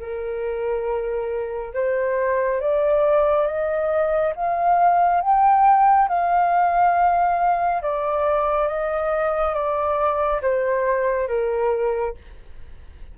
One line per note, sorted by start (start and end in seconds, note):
0.00 1.74 A#4
1.74 2.61 C5
2.61 3.47 D5
3.47 4.34 D#5
4.36 5.21 F5
5.21 6.08 G5
6.09 7.83 F5
7.83 8.68 D5
8.68 9.55 D#5
9.55 10.42 D5
10.42 11.28 C5
11.28 12.15 A#4